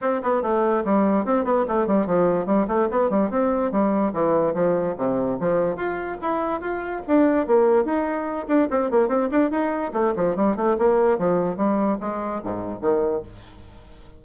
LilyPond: \new Staff \with { instrumentName = "bassoon" } { \time 4/4 \tempo 4 = 145 c'8 b8 a4 g4 c'8 b8 | a8 g8 f4 g8 a8 b8 g8 | c'4 g4 e4 f4 | c4 f4 f'4 e'4 |
f'4 d'4 ais4 dis'4~ | dis'8 d'8 c'8 ais8 c'8 d'8 dis'4 | a8 f8 g8 a8 ais4 f4 | g4 gis4 gis,4 dis4 | }